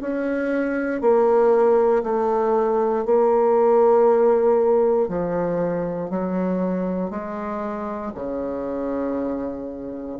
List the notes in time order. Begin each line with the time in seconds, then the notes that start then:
0.00 C#4
1.01 A#3
2.03 A3
3.05 A#3
5.08 F3
6.10 F#3
7.10 G#3
8.14 C#3